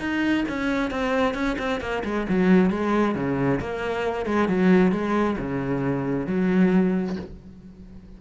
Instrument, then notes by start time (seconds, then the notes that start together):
cello
0.00 D#4
0.49 C#4
0.91 C4
1.34 C#4
1.59 C4
1.81 A#3
2.05 G#3
2.29 F#3
2.71 G#3
3.15 C#3
3.61 A#3
4.26 G#3
4.49 F#3
4.92 G#3
5.39 C#3
6.27 F#3